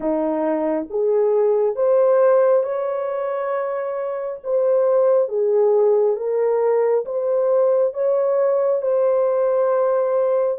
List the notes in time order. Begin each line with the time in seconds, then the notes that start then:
0.00 D#4
0.89 G#4
1.75 C5
2.63 C#5
4.43 C5
5.28 G#4
6.16 A#4
7.05 C5
7.93 C#5
8.82 C5